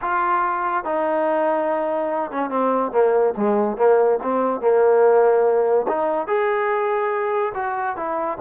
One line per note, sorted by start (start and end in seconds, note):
0.01 0.84 F4
0.84 2.31 D#4
2.31 2.50 C#4
2.50 2.92 C4
2.92 3.34 A#3
3.36 3.77 G#3
3.77 4.19 A#3
4.22 4.60 C4
4.60 5.86 A#3
5.87 6.27 D#4
6.27 7.53 G#4
7.54 7.96 F#4
7.96 8.38 E4